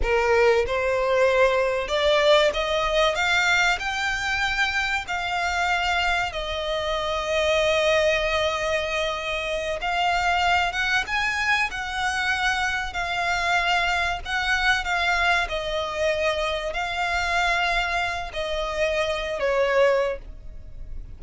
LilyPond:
\new Staff \with { instrumentName = "violin" } { \time 4/4 \tempo 4 = 95 ais'4 c''2 d''4 | dis''4 f''4 g''2 | f''2 dis''2~ | dis''2.~ dis''8 f''8~ |
f''4 fis''8 gis''4 fis''4.~ | fis''8 f''2 fis''4 f''8~ | f''8 dis''2 f''4.~ | f''4 dis''4.~ dis''16 cis''4~ cis''16 | }